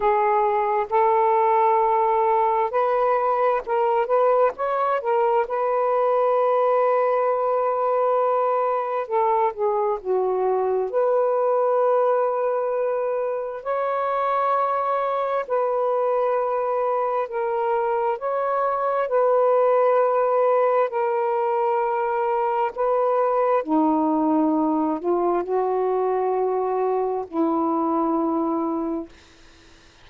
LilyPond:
\new Staff \with { instrumentName = "saxophone" } { \time 4/4 \tempo 4 = 66 gis'4 a'2 b'4 | ais'8 b'8 cis''8 ais'8 b'2~ | b'2 a'8 gis'8 fis'4 | b'2. cis''4~ |
cis''4 b'2 ais'4 | cis''4 b'2 ais'4~ | ais'4 b'4 dis'4. f'8 | fis'2 e'2 | }